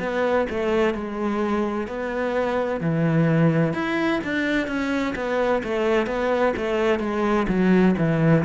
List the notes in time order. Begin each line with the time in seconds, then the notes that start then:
0.00 B3
0.50 A3
0.94 G#3
1.87 B3
2.81 E3
3.73 E4
4.24 D4
4.67 C#4
5.16 B3
5.64 A3
6.07 B3
6.57 A3
7.00 G#3
7.48 F#3
7.98 E3